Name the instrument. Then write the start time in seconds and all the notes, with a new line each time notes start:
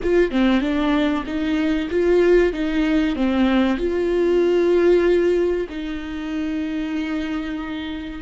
viola
0.03 F4
0.30 C4
0.60 D4
1.25 D#4
1.90 F4
2.52 D#4
3.15 C4
3.77 F4
5.69 D#4